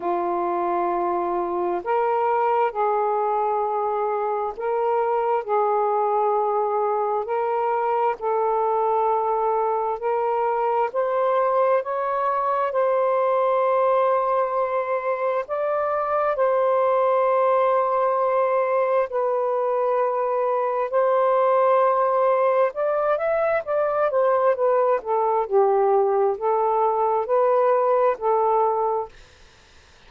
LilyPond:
\new Staff \with { instrumentName = "saxophone" } { \time 4/4 \tempo 4 = 66 f'2 ais'4 gis'4~ | gis'4 ais'4 gis'2 | ais'4 a'2 ais'4 | c''4 cis''4 c''2~ |
c''4 d''4 c''2~ | c''4 b'2 c''4~ | c''4 d''8 e''8 d''8 c''8 b'8 a'8 | g'4 a'4 b'4 a'4 | }